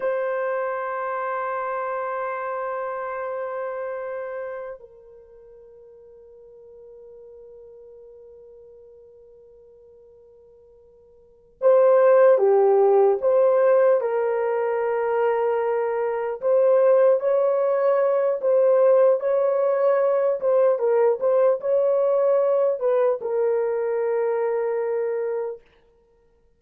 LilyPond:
\new Staff \with { instrumentName = "horn" } { \time 4/4 \tempo 4 = 75 c''1~ | c''2 ais'2~ | ais'1~ | ais'2~ ais'8 c''4 g'8~ |
g'8 c''4 ais'2~ ais'8~ | ais'8 c''4 cis''4. c''4 | cis''4. c''8 ais'8 c''8 cis''4~ | cis''8 b'8 ais'2. | }